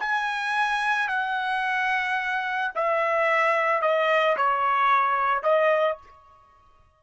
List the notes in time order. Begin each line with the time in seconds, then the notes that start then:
0.00 G#5
1.08 F#5
2.75 E5
3.82 D#5
4.37 C#5
5.43 D#5